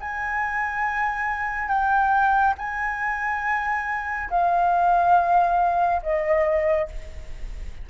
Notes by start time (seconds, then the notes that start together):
0.00 G#5
1.68 G5
2.58 G#5
4.30 F5
6.02 D#5